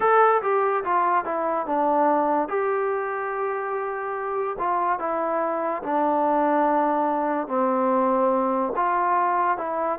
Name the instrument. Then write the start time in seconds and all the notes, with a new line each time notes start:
trombone
0.00 A4
0.42 G4
0.83 F4
1.25 E4
1.66 D4
2.48 G4
4.58 F4
4.98 E4
5.82 D4
7.47 C4
8.75 F4
9.57 E4